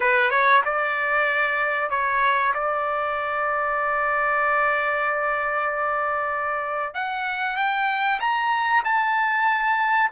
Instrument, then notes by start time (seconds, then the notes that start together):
trumpet
0.00 B4
0.30 C#5
0.65 D5
1.90 C#5
2.53 D5
6.94 F#5
7.56 G5
8.20 A#5
8.84 A5